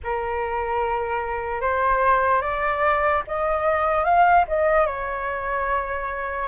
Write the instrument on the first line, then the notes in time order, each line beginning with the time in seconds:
flute
0.03 A#4
1.61 C5
2.41 D5
3.27 D#5
4.04 F5
4.48 D#5
4.86 C#5